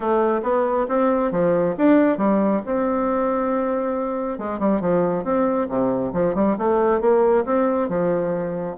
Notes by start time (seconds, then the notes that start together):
0.00 A3
0.43 B3
0.88 C4
1.31 F3
1.77 D4
2.17 G3
2.65 C4
4.38 G#3
4.59 G3
4.81 F3
5.24 C4
5.68 C3
6.13 F3
6.34 G3
6.58 A3
7.01 A#3
7.45 C4
7.88 F3